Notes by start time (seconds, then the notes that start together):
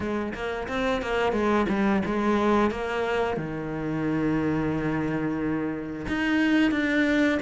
0.00 G#3
0.33 A#3
0.68 C4
1.02 A#3
1.32 G#3
1.69 G3
2.05 G#3
2.71 A#3
3.36 D#3
6.08 D#4
6.71 D4